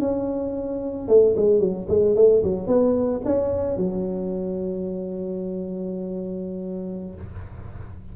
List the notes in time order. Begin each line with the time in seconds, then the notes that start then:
0.00 C#4
1.08 A3
1.36 G#3
1.60 F#3
1.89 G#3
2.15 A3
2.43 F#3
2.67 B3
3.25 C#4
3.77 F#3